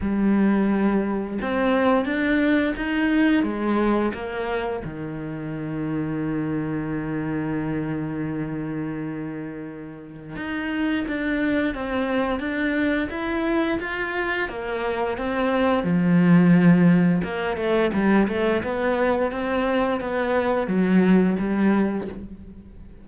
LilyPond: \new Staff \with { instrumentName = "cello" } { \time 4/4 \tempo 4 = 87 g2 c'4 d'4 | dis'4 gis4 ais4 dis4~ | dis1~ | dis2. dis'4 |
d'4 c'4 d'4 e'4 | f'4 ais4 c'4 f4~ | f4 ais8 a8 g8 a8 b4 | c'4 b4 fis4 g4 | }